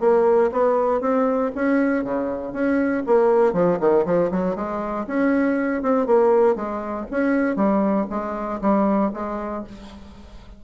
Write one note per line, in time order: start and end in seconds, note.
0.00 0.50 A#3
0.51 1.00 B3
1.00 1.51 C4
1.55 2.04 C#4
2.04 2.53 C#3
2.53 3.03 C#4
3.06 3.53 A#3
3.53 3.78 F3
3.80 4.05 D#3
4.05 4.30 F3
4.31 4.55 F#3
4.55 5.06 G#3
5.07 5.82 C#4
5.82 6.06 C4
6.06 6.55 A#3
6.55 7.06 G#3
7.10 7.56 C#4
7.56 8.06 G3
8.10 8.60 G#3
8.61 9.11 G3
9.13 9.64 G#3